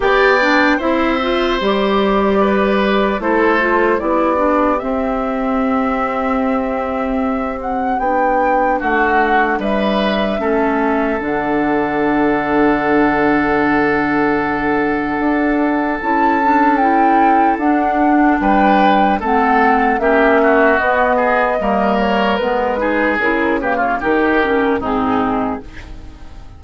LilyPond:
<<
  \new Staff \with { instrumentName = "flute" } { \time 4/4 \tempo 4 = 75 g''4 e''4 d''2 | c''4 d''4 e''2~ | e''4. fis''8 g''4 fis''4 | e''2 fis''2~ |
fis''1 | a''4 g''4 fis''4 g''4 | fis''4 e''4 dis''4. cis''8 | b'4 ais'8 b'16 cis''16 ais'4 gis'4 | }
  \new Staff \with { instrumentName = "oboe" } { \time 4/4 d''4 c''2 b'4 | a'4 g'2.~ | g'2. fis'4 | b'4 a'2.~ |
a'1~ | a'2. b'4 | a'4 g'8 fis'4 gis'8 ais'4~ | ais'8 gis'4 g'16 f'16 g'4 dis'4 | }
  \new Staff \with { instrumentName = "clarinet" } { \time 4/4 g'8 d'8 e'8 f'8 g'2 | e'8 f'8 e'8 d'8 c'2~ | c'2 d'2~ | d'4 cis'4 d'2~ |
d'1 | e'8 d'8 e'4 d'2 | c'4 cis'4 b4 ais4 | b8 dis'8 e'8 ais8 dis'8 cis'8 c'4 | }
  \new Staff \with { instrumentName = "bassoon" } { \time 4/4 b4 c'4 g2 | a4 b4 c'2~ | c'2 b4 a4 | g4 a4 d2~ |
d2. d'4 | cis'2 d'4 g4 | a4 ais4 b4 g4 | gis4 cis4 dis4 gis,4 | }
>>